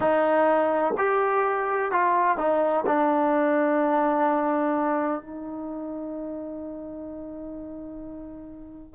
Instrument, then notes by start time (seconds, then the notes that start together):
trombone
0.00 D#4
0.97 G4
1.91 F4
2.37 D#4
2.86 D4
5.21 D#4